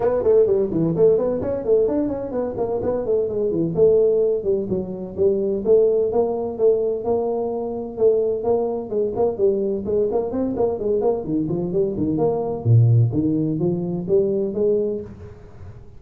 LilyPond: \new Staff \with { instrumentName = "tuba" } { \time 4/4 \tempo 4 = 128 b8 a8 g8 e8 a8 b8 cis'8 a8 | d'8 cis'8 b8 ais8 b8 a8 gis8 e8 | a4. g8 fis4 g4 | a4 ais4 a4 ais4~ |
ais4 a4 ais4 gis8 ais8 | g4 gis8 ais8 c'8 ais8 gis8 ais8 | dis8 f8 g8 dis8 ais4 ais,4 | dis4 f4 g4 gis4 | }